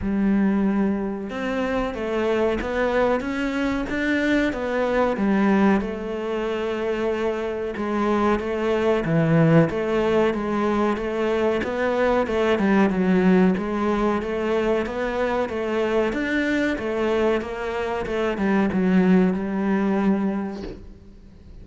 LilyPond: \new Staff \with { instrumentName = "cello" } { \time 4/4 \tempo 4 = 93 g2 c'4 a4 | b4 cis'4 d'4 b4 | g4 a2. | gis4 a4 e4 a4 |
gis4 a4 b4 a8 g8 | fis4 gis4 a4 b4 | a4 d'4 a4 ais4 | a8 g8 fis4 g2 | }